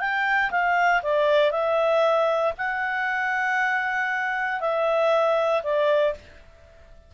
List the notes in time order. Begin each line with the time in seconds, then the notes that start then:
0.00 G5
0.51 F5
1.03 D5
1.52 E5
2.58 F#5
4.61 E5
5.64 D5